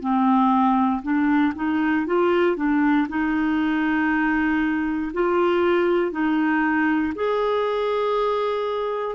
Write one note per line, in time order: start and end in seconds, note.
0.00 1.02 C4
1.02 1.53 D4
1.55 2.06 D#4
2.06 2.56 F4
2.56 3.07 D4
3.09 5.12 D#4
5.13 6.12 F4
6.12 7.13 D#4
7.15 9.15 G#4